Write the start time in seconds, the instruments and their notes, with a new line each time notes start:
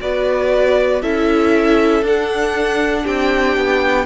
0.00 cello B3, viola F#4, violin B4 D5
1.01 cello C#4, viola E4, violin A4 E5
2.02 cello D4, viola D4, violin F#5
3.03 cello C4, violin G4 G5
3.57 cello B3